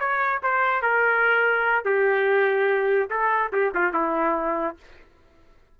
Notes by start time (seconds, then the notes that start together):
0.00 C#5
0.43 C5
0.82 A#4
1.85 G4
3.10 A4
3.53 G4
3.75 F4
3.93 E4